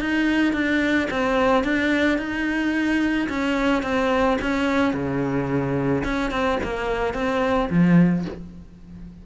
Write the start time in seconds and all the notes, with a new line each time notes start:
0.00 D#4
0.53 D4
1.11 C4
1.63 D4
2.18 D#4
3.29 C#4
3.83 C4
4.41 C#4
4.93 C#3
6.04 C#4
6.31 C4
6.63 A#3
7.14 C4
7.70 F3